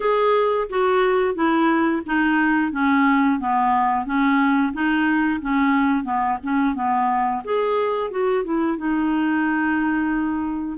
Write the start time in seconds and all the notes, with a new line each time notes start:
0.00 G#4
0.69 F#4
1.34 E4
2.06 D#4
2.72 C#4
3.39 B3
4.05 C#4
4.73 D#4
5.41 C#4
6.04 B3
6.43 C#4
6.74 B3
7.44 G#4
8.10 F#4
8.44 E4
8.77 D#4